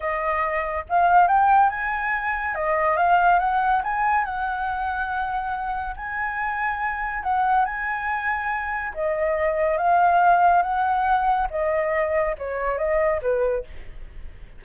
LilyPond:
\new Staff \with { instrumentName = "flute" } { \time 4/4 \tempo 4 = 141 dis''2 f''4 g''4 | gis''2 dis''4 f''4 | fis''4 gis''4 fis''2~ | fis''2 gis''2~ |
gis''4 fis''4 gis''2~ | gis''4 dis''2 f''4~ | f''4 fis''2 dis''4~ | dis''4 cis''4 dis''4 b'4 | }